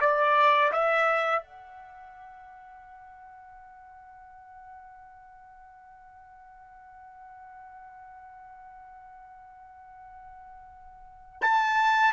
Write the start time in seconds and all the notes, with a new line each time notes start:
0.00 D5
0.72 E5
1.43 F#5
11.41 A5